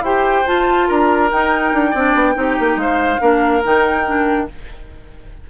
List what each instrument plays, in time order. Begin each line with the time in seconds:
0.00 bassoon E4, clarinet G4, oboe C5, flute G5
0.45 clarinet F4, bassoon F4, flute A5
0.87 bassoon D4, oboe A#4, flute A#5
1.31 bassoon D#4, clarinet D#4, flute G5
1.73 bassoon D4
1.90 bassoon C4, clarinet D4, oboe D5
2.14 bassoon B3
2.34 bassoon C4, clarinet D#4, oboe G4
2.60 bassoon A#3
2.76 bassoon G#3, oboe C5, flute F5
3.20 bassoon A#3, clarinet D4, oboe A#4
3.63 bassoon D#3, clarinet D#4, flute G5
4.05 clarinet D4